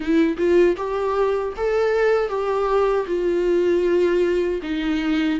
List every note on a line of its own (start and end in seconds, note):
0.00 0.36 E4
0.37 0.76 F4
0.76 1.53 G4
1.56 2.28 A4
2.28 3.05 G4
3.07 4.60 F4
4.62 5.39 D#4